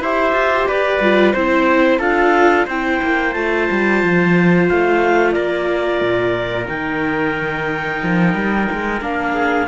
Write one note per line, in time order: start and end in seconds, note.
0.00 0.33 E4
0.00 1.02 G4
0.00 0.69 C5
0.00 0.68 E5
0.33 0.67 F4
0.68 1.01 G4
0.68 1.34 B4
0.68 1.34 D5
1.01 1.34 G3
1.01 1.35 F4
1.34 2.00 C4
1.34 2.01 E4
1.34 1.99 C5
1.34 2.00 C5
1.99 2.67 D4
1.99 2.68 F4
1.99 2.66 A4
1.99 2.67 F5
2.66 3.01 C4
2.66 3.34 E4
2.66 5.33 C5
2.66 3.33 G5
3.02 3.36 A#3
3.33 3.69 A3
3.33 6.65 F4
3.33 4.67 A5
3.71 4.04 G3
4.04 4.70 F3
4.69 5.36 A3
4.69 5.32 F5
5.32 6.02 A#3
5.32 9.34 A#4
5.32 6.66 D5
6.02 6.68 A#2
6.65 8.02 D#3
6.65 8.98 D#4
6.65 9.03 G5
8.03 8.35 F3
8.35 8.68 G3
8.72 9.01 G#3
9.01 9.68 A#3
9.01 9.68 D4
9.01 9.68 F5
9.34 9.68 G#4